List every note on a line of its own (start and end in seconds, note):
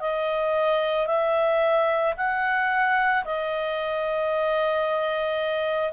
0.00 1.07 D#5
1.07 2.14 E5
2.17 3.24 F#5
3.24 5.92 D#5